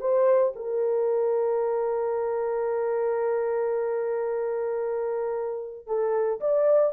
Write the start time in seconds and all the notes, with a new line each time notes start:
0.00 C5
0.55 A#4
5.86 A4
6.40 D5